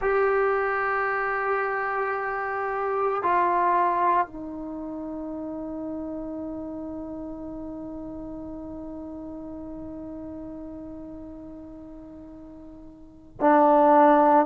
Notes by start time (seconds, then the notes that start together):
0.01 G4
3.22 F4
4.27 D#4
13.40 D4